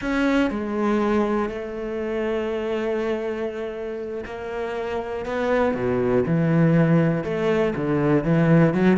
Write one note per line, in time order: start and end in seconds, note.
0.01 0.50 C#4
0.50 1.49 G#3
1.49 4.24 A3
4.25 5.25 A#3
5.25 5.74 B3
5.74 6.24 B2
6.26 7.24 E3
7.24 7.74 A3
7.75 8.23 D3
8.23 8.73 E3
8.74 8.97 F#3